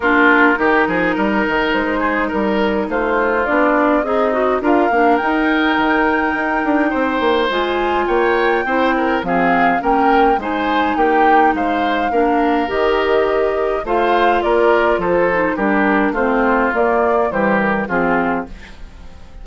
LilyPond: <<
  \new Staff \with { instrumentName = "flute" } { \time 4/4 \tempo 4 = 104 ais'2. c''4 | ais'4 c''4 d''4 dis''4 | f''4 g''2.~ | g''4 gis''4 g''2 |
f''4 g''4 gis''4 g''4 | f''2 dis''2 | f''4 d''4 c''4 ais'4 | c''4 d''4 c''8 ais'8 gis'4 | }
  \new Staff \with { instrumentName = "oboe" } { \time 4/4 f'4 g'8 gis'8 ais'4. gis'8 | ais'4 f'2 dis'4 | ais'1 | c''2 cis''4 c''8 ais'8 |
gis'4 ais'4 c''4 g'4 | c''4 ais'2. | c''4 ais'4 a'4 g'4 | f'2 g'4 f'4 | }
  \new Staff \with { instrumentName = "clarinet" } { \time 4/4 d'4 dis'2.~ | dis'2 d'4 gis'8 fis'8 | f'8 d'8 dis'2.~ | dis'4 f'2 e'4 |
c'4 cis'4 dis'2~ | dis'4 d'4 g'2 | f'2~ f'8 dis'8 d'4 | c'4 ais4 g4 c'4 | }
  \new Staff \with { instrumentName = "bassoon" } { \time 4/4 ais4 dis8 f8 g8 dis8 gis4 | g4 a4 b4 c'4 | d'8 ais8 dis'4 dis4 dis'8 d'8 | c'8 ais8 gis4 ais4 c'4 |
f4 ais4 gis4 ais4 | gis4 ais4 dis2 | a4 ais4 f4 g4 | a4 ais4 e4 f4 | }
>>